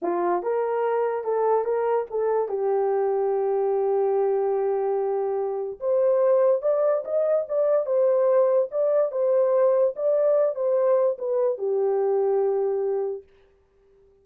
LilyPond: \new Staff \with { instrumentName = "horn" } { \time 4/4 \tempo 4 = 145 f'4 ais'2 a'4 | ais'4 a'4 g'2~ | g'1~ | g'2 c''2 |
d''4 dis''4 d''4 c''4~ | c''4 d''4 c''2 | d''4. c''4. b'4 | g'1 | }